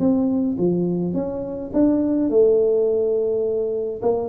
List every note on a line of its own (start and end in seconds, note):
0.00 0.57 C4
0.58 1.14 F3
1.14 1.71 C#4
1.74 2.30 D4
2.30 4.02 A3
4.03 4.29 A#3